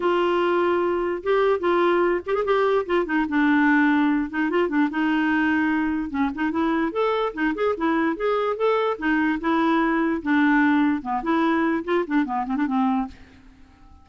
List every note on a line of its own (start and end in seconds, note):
0.00 1.22 F4
1.23 1.59 G4
1.59 2.21 F4
2.26 2.34 G4
2.34 2.44 G#4
2.44 2.85 G4
2.86 3.05 F4
3.05 3.26 D#4
3.28 4.30 D4
4.30 4.49 D#4
4.49 4.68 F4
4.68 4.89 D4
4.90 6.10 D#4
6.10 6.30 C#4
6.34 6.51 D#4
6.51 6.91 E4
6.91 7.32 A4
7.33 7.53 D#4
7.55 7.75 G#4
7.77 8.16 E4
8.16 8.56 G#4
8.56 8.97 A4
8.98 9.39 D#4
9.40 10.22 E4
10.22 11.02 D4
11.02 11.22 B3
11.22 11.83 E4
11.84 12.04 F4
12.07 12.25 D4
12.25 12.45 B3
12.46 12.56 C4
12.56 12.66 D4
12.66 13.07 C4